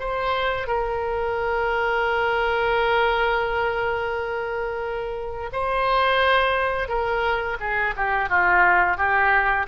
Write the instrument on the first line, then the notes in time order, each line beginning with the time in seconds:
oboe
0.00 C5
0.67 A#4
5.53 C5
6.88 A#4
7.61 G#4
7.97 G4
8.29 F4
8.97 G4